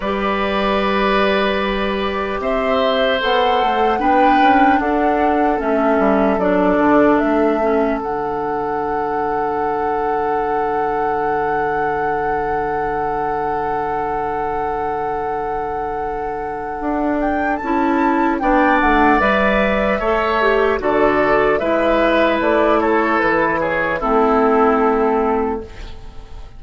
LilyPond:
<<
  \new Staff \with { instrumentName = "flute" } { \time 4/4 \tempo 4 = 75 d''2. e''4 | fis''4 g''4 fis''4 e''4 | d''4 e''4 fis''2~ | fis''1~ |
fis''1~ | fis''4. g''8 a''4 g''8 fis''8 | e''2 d''4 e''4 | d''8 cis''8 b'8 cis''8 a'2 | }
  \new Staff \with { instrumentName = "oboe" } { \time 4/4 b'2. c''4~ | c''4 b'4 a'2~ | a'1~ | a'1~ |
a'1~ | a'2. d''4~ | d''4 cis''4 a'4 b'4~ | b'8 a'4 gis'8 e'2 | }
  \new Staff \with { instrumentName = "clarinet" } { \time 4/4 g'1 | a'4 d'2 cis'4 | d'4. cis'8 d'2~ | d'1~ |
d'1~ | d'2 e'4 d'4 | b'4 a'8 g'8 fis'4 e'4~ | e'2 c'2 | }
  \new Staff \with { instrumentName = "bassoon" } { \time 4/4 g2. c'4 | b8 a8 b8 cis'8 d'4 a8 g8 | fis8 d8 a4 d2~ | d1~ |
d1~ | d4 d'4 cis'4 b8 a8 | g4 a4 d4 gis4 | a4 e4 a2 | }
>>